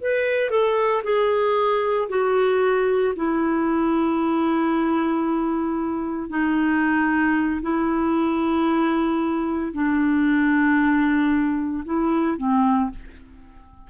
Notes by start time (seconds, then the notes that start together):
0.00 B4
0.50 A4
1.03 G#4
2.09 F#4
3.16 E4
6.29 D#4
7.62 E4
9.73 D4
11.85 E4
12.37 C4